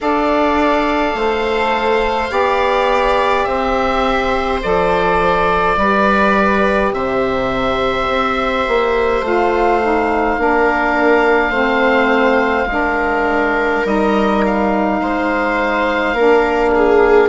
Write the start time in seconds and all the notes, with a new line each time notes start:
0.00 D4 A4 D5 F5
1.14 A3 C5
2.29 B3 G4 D5
3.44 C4 C5 E5
4.62 F3 A4 D5
5.77 G3 G4 B4
6.92 C3 C5 E5
8.08 C4
8.68 A#3
9.21 A3 F4 F5
9.81 D#4
10.38 A#3 D4 A#4
11.50 A3 C4 C5
12.66 G#3 D4
12.72 A#4
13.85 G3 D#4 D#5
14.45 F5
15.01 G#3 C5
16.13 A#3 D4 A#4
16.75 G#4